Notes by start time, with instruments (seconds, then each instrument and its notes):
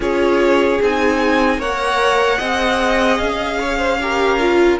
0.00 cello C#4, viola F4, violin G#4 C#5
0.82 cello C4, viola D#4, violin G#5
1.58 cello A#3, viola A#4, violin C#5 F#5
2.38 cello C4, viola G#4, violin D#5
3.18 cello C#4, violin F5
3.59 violin C#5
3.78 violin C5
4.01 viola G4, violin A#4
4.39 viola F4